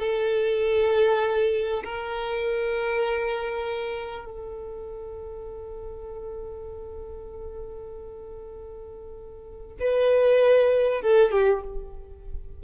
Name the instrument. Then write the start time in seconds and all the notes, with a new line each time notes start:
violin
0.00 A4
1.84 A#4
4.25 A4
9.80 B4
11.02 A4
11.32 G4